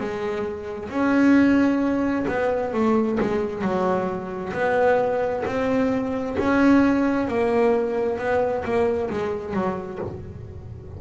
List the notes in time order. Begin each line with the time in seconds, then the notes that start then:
0.00 G#3
0.89 C#4
2.28 B3
2.73 A3
3.20 G#3
3.62 F#3
4.53 B3
5.46 C4
6.39 C#4
7.28 A#3
8.19 B3
8.64 A#3
9.10 G#3
9.53 F#3